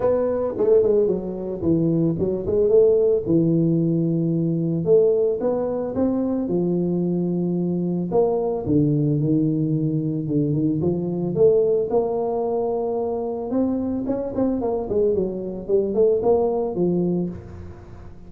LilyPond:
\new Staff \with { instrumentName = "tuba" } { \time 4/4 \tempo 4 = 111 b4 a8 gis8 fis4 e4 | fis8 gis8 a4 e2~ | e4 a4 b4 c'4 | f2. ais4 |
d4 dis2 d8 dis8 | f4 a4 ais2~ | ais4 c'4 cis'8 c'8 ais8 gis8 | fis4 g8 a8 ais4 f4 | }